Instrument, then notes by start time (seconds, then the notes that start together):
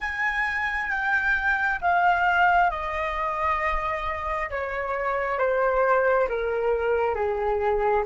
flute
0.00 G#5
0.90 G5
1.81 F5
2.70 D#5
4.50 C#5
5.38 C5
6.28 A#4
7.14 G#4